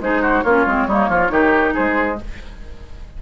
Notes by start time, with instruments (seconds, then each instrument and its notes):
0.00 bassoon G#3, clarinet D#4, oboe G#4, flute C5
0.22 oboe F#4
0.42 bassoon A#3, clarinet C#4, oboe F4, flute C#5
0.67 bassoon G#3, clarinet C4
0.87 bassoon G3, clarinet A#3, oboe D#4
1.09 bassoon F3, oboe F4
1.29 bassoon D#3, clarinet D#4, oboe G4
1.74 bassoon G#3, oboe G#4, flute C5